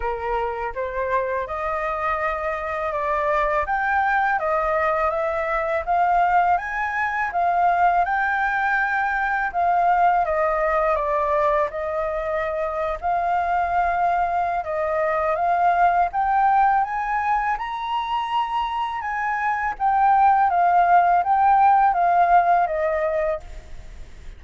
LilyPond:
\new Staff \with { instrumentName = "flute" } { \time 4/4 \tempo 4 = 82 ais'4 c''4 dis''2 | d''4 g''4 dis''4 e''4 | f''4 gis''4 f''4 g''4~ | g''4 f''4 dis''4 d''4 |
dis''4.~ dis''16 f''2~ f''16 | dis''4 f''4 g''4 gis''4 | ais''2 gis''4 g''4 | f''4 g''4 f''4 dis''4 | }